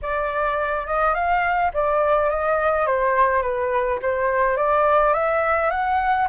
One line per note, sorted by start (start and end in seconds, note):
0.02 0.86 D5
0.86 1.14 D#5
1.14 1.71 F5
1.73 2.30 D5
2.30 2.86 D#5
2.86 3.42 C5
3.42 3.99 B4
4.02 4.57 C5
4.57 5.13 D5
5.13 5.70 E5
5.70 6.27 F#5